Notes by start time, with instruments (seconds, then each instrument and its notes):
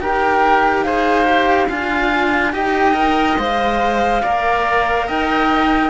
0.00 cello D#4 G4, oboe A#4, flute G5
0.84 cello G#4, oboe C5, flute F5
1.25 cello G4
1.68 cello D4 F4, oboe F5, flute G#5
2.53 cello D#4 G4, oboe D#5, flute G5
2.94 cello A#4
3.38 cello G#3 C5, flute F5
4.23 cello A#3 A#4, oboe D5
5.07 cello D#4, oboe D#5, flute G5